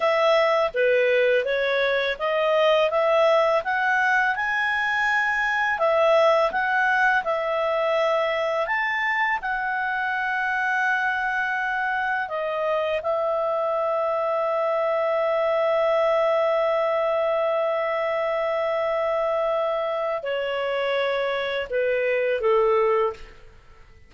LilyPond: \new Staff \with { instrumentName = "clarinet" } { \time 4/4 \tempo 4 = 83 e''4 b'4 cis''4 dis''4 | e''4 fis''4 gis''2 | e''4 fis''4 e''2 | a''4 fis''2.~ |
fis''4 dis''4 e''2~ | e''1~ | e''1 | cis''2 b'4 a'4 | }